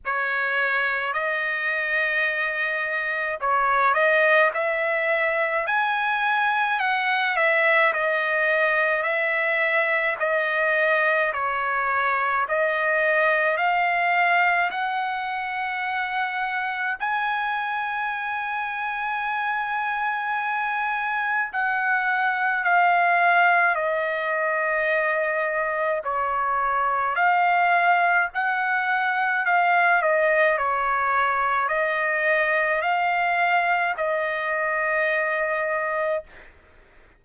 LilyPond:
\new Staff \with { instrumentName = "trumpet" } { \time 4/4 \tempo 4 = 53 cis''4 dis''2 cis''8 dis''8 | e''4 gis''4 fis''8 e''8 dis''4 | e''4 dis''4 cis''4 dis''4 | f''4 fis''2 gis''4~ |
gis''2. fis''4 | f''4 dis''2 cis''4 | f''4 fis''4 f''8 dis''8 cis''4 | dis''4 f''4 dis''2 | }